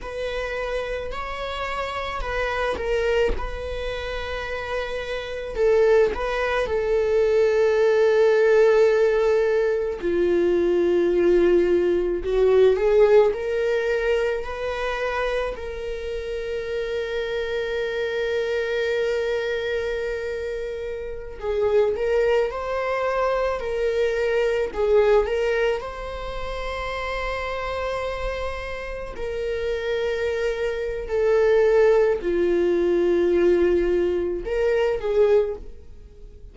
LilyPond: \new Staff \with { instrumentName = "viola" } { \time 4/4 \tempo 4 = 54 b'4 cis''4 b'8 ais'8 b'4~ | b'4 a'8 b'8 a'2~ | a'4 f'2 fis'8 gis'8 | ais'4 b'4 ais'2~ |
ais'2.~ ais'16 gis'8 ais'16~ | ais'16 c''4 ais'4 gis'8 ais'8 c''8.~ | c''2~ c''16 ais'4.~ ais'16 | a'4 f'2 ais'8 gis'8 | }